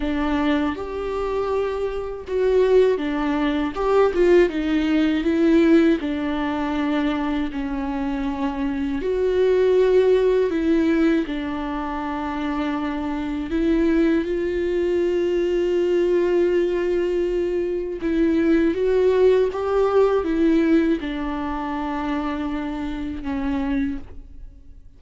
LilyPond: \new Staff \with { instrumentName = "viola" } { \time 4/4 \tempo 4 = 80 d'4 g'2 fis'4 | d'4 g'8 f'8 dis'4 e'4 | d'2 cis'2 | fis'2 e'4 d'4~ |
d'2 e'4 f'4~ | f'1 | e'4 fis'4 g'4 e'4 | d'2. cis'4 | }